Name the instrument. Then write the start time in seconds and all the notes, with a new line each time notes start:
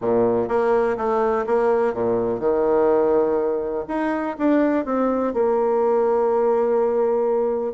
bassoon
0.01 A#2
0.48 A#3
0.97 A3
1.46 A#3
1.93 A#2
2.39 D#3
3.88 D#4
4.38 D4
4.85 C4
5.33 A#3